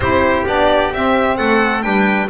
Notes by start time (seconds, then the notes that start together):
0.00 C4 E4 G4 C5
0.46 B3 D4 D5
0.92 C4 E5
1.37 A3 A4 F#5
1.81 G3 D4 B4 G5